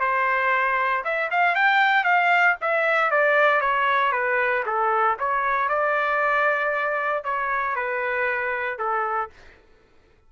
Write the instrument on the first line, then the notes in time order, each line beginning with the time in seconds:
trumpet
0.00 C5
1.04 E5
1.31 F5
1.55 G5
2.04 F5
2.61 E5
3.11 D5
3.61 C#5
4.12 B4
4.66 A4
5.19 C#5
5.69 D5
7.24 C#5
7.75 B4
8.78 A4